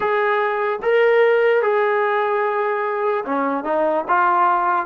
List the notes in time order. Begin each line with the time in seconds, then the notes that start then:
0.00 G#4
0.82 A#4
1.62 G#4
3.25 C#4
3.64 D#4
4.08 F4